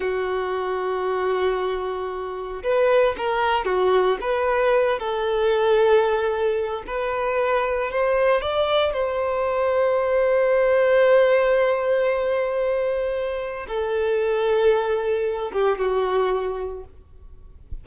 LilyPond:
\new Staff \with { instrumentName = "violin" } { \time 4/4 \tempo 4 = 114 fis'1~ | fis'4 b'4 ais'4 fis'4 | b'4. a'2~ a'8~ | a'4 b'2 c''4 |
d''4 c''2.~ | c''1~ | c''2 a'2~ | a'4. g'8 fis'2 | }